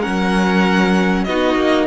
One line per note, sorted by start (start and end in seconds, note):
0.00 1.27 C#4
0.00 1.25 A#4
0.00 1.24 F#5
0.06 1.27 F#3
1.24 1.55 B3
1.24 1.86 D#4
1.24 1.86 F#4
1.24 1.86 D#5
1.55 1.86 A#3